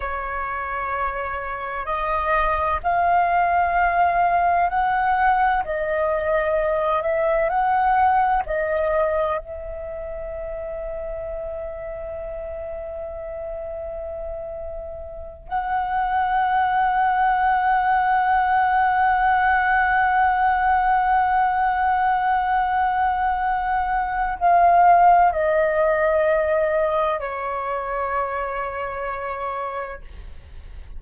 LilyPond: \new Staff \with { instrumentName = "flute" } { \time 4/4 \tempo 4 = 64 cis''2 dis''4 f''4~ | f''4 fis''4 dis''4. e''8 | fis''4 dis''4 e''2~ | e''1~ |
e''8 fis''2.~ fis''8~ | fis''1~ | fis''2 f''4 dis''4~ | dis''4 cis''2. | }